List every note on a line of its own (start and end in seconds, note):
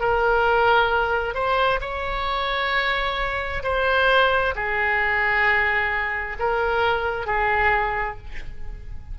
0.00 1.35 A#4
1.35 1.80 C5
1.81 3.63 C#5
3.64 4.55 C5
4.55 6.37 G#4
6.40 7.27 A#4
7.27 8.18 G#4